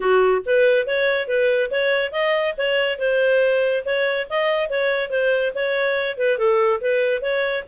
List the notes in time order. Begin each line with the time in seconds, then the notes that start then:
0.00 F#4
0.45 B4
0.86 C#5
1.27 B4
1.70 C#5
2.12 D#5
2.57 C#5
2.99 C5
3.85 C#5
4.29 D#5
4.69 C#5
5.10 C5
5.54 C#5
6.17 B4
6.38 A4
6.80 B4
7.21 C#5